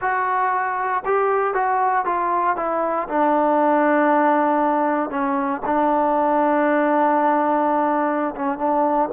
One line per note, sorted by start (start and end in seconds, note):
0.01 1.03 F#4
1.05 1.54 G4
1.54 2.05 F#4
2.05 2.56 F4
2.56 3.07 E4
3.08 5.10 D4
5.10 5.61 C#4
5.65 8.34 D4
8.35 8.58 C#4
8.58 9.09 D4